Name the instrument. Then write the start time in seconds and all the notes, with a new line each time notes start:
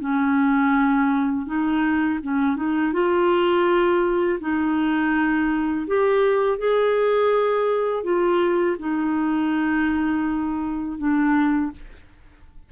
clarinet
0.00 C#4
1.46 D#4
2.23 C#4
2.56 D#4
2.93 F4
4.41 D#4
5.87 G4
6.59 G#4
8.04 F4
8.79 D#4
10.98 D4